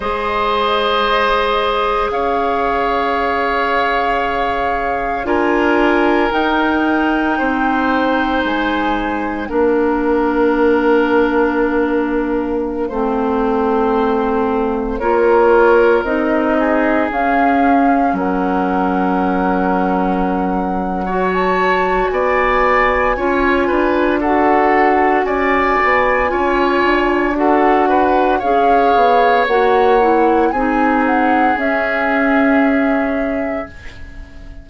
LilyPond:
<<
  \new Staff \with { instrumentName = "flute" } { \time 4/4 \tempo 4 = 57 dis''2 f''2~ | f''4 gis''4 g''2 | gis''4 f''2.~ | f''2~ f''16 cis''4 dis''8.~ |
dis''16 f''4 fis''2~ fis''8.~ | fis''16 a''8. gis''2 fis''4 | gis''2 fis''4 f''4 | fis''4 gis''8 fis''8 e''2 | }
  \new Staff \with { instrumentName = "oboe" } { \time 4/4 c''2 cis''2~ | cis''4 ais'2 c''4~ | c''4 ais'2.~ | ais'16 c''2 ais'4. gis'16~ |
gis'4~ gis'16 ais'2~ ais'8. | cis''4 d''4 cis''8 b'8 a'4 | d''4 cis''4 a'8 b'8 cis''4~ | cis''4 gis'2. | }
  \new Staff \with { instrumentName = "clarinet" } { \time 4/4 gis'1~ | gis'4 f'4 dis'2~ | dis'4 d'2.~ | d'16 c'2 f'4 dis'8.~ |
dis'16 cis'2.~ cis'8. | fis'2 f'4 fis'4~ | fis'4 f'4 fis'4 gis'4 | fis'8 e'8 dis'4 cis'2 | }
  \new Staff \with { instrumentName = "bassoon" } { \time 4/4 gis2 cis'2~ | cis'4 d'4 dis'4 c'4 | gis4 ais2.~ | ais16 a2 ais4 c'8.~ |
c'16 cis'4 fis2~ fis8.~ | fis4 b4 cis'8 d'4. | cis'8 b8 cis'8 d'4. cis'8 b8 | ais4 c'4 cis'2 | }
>>